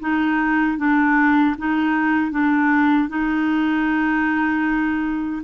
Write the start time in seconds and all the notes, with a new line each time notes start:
0.00 D#4
0.78 D4
1.58 D#4
2.32 D4
3.09 D#4